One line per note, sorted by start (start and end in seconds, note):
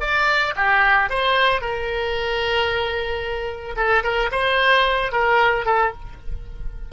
0.00 0.54 D5
0.56 1.09 G4
1.09 1.61 C5
1.61 3.75 A#4
3.76 4.03 A4
4.03 4.30 A#4
4.31 5.11 C5
5.12 5.65 A#4
5.65 5.92 A4